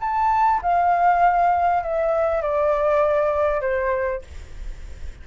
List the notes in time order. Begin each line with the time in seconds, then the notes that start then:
0.00 A5
0.62 F5
1.83 E5
2.42 D5
3.61 C5